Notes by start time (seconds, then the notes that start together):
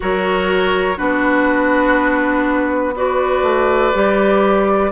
0.00 F#3 F#4 A#4 C#5
0.96 B3 D4 F#4 B4
2.95 F#4 B4 D5
3.42 A3
3.92 G3 G4